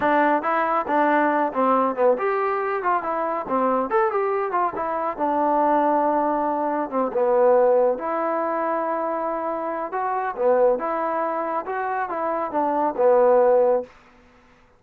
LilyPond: \new Staff \with { instrumentName = "trombone" } { \time 4/4 \tempo 4 = 139 d'4 e'4 d'4. c'8~ | c'8 b8 g'4. f'8 e'4 | c'4 a'8 g'4 f'8 e'4 | d'1 |
c'8 b2 e'4.~ | e'2. fis'4 | b4 e'2 fis'4 | e'4 d'4 b2 | }